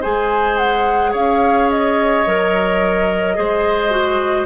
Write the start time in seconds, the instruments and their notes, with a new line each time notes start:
0.00 bassoon G#3, clarinet G#4, oboe C5, flute G#5
0.57 flute F#5
1.11 bassoon C#4, oboe C#5, flute F5
1.70 flute D#5
2.26 bassoon F#3, clarinet A#4
3.35 bassoon G#3, clarinet G#4, oboe C5
3.90 clarinet F#4